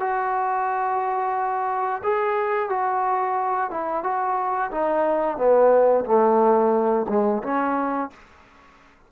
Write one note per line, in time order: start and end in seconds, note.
0.00 2.02 F#4
2.04 2.70 G#4
2.70 3.71 F#4
3.71 4.04 E4
4.04 4.71 F#4
4.71 5.37 D#4
5.37 6.05 B3
6.06 7.07 A3
7.09 7.43 G#3
7.43 8.11 C#4